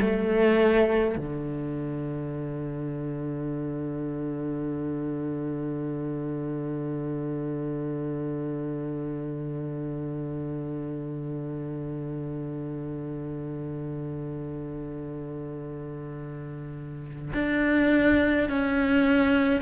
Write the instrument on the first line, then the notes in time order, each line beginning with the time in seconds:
cello
0.00 A3
1.16 D3
17.33 D4
18.49 C#4